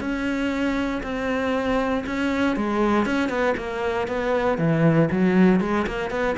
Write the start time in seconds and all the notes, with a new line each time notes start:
0.00 C#4
1.03 C4
2.06 C#4
2.56 G#3
3.05 C#4
3.29 B3
3.57 A#3
4.07 B3
4.58 E3
5.11 F#3
5.60 G#3
5.87 A#3
6.10 B3